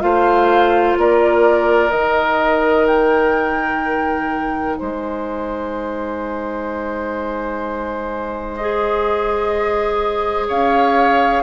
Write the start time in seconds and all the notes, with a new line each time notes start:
0.00 A3 F4 C5 F5
0.97 A#3 A#4 D5
1.90 D#3 D#4 D#5
2.87 G5
4.77 G#3 C5 G#5
8.55 G#4 D#5
10.48 C#4 C#5 F5